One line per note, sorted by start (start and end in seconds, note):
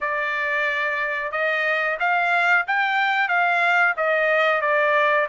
0.01 1.31 D5
1.31 1.97 D#5
1.99 2.65 F5
2.67 3.28 G5
3.28 3.94 F5
3.97 4.61 D#5
4.61 5.27 D5